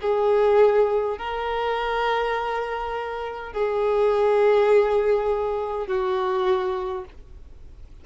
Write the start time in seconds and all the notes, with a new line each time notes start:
0.00 G#4
1.18 A#4
3.52 G#4
5.87 F#4